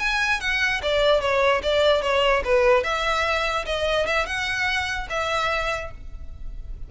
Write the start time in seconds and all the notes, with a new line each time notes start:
0.00 G#5
0.41 F#5
0.83 D5
1.21 C#5
1.63 D5
2.02 C#5
2.45 B4
2.84 E5
3.66 D#5
4.07 E5
4.26 F#5
5.10 E5